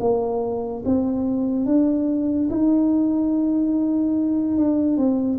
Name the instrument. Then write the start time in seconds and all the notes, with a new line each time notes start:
tuba
0.00 A#3
0.85 C4
1.66 D4
2.50 D#4
4.58 D4
4.97 C4